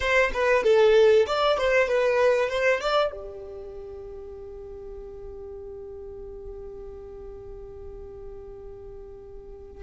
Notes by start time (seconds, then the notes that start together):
0.00 C5
0.33 B4
0.63 A4
1.26 D5
1.58 C5
1.88 B4
2.49 C5
2.80 D5
3.11 G4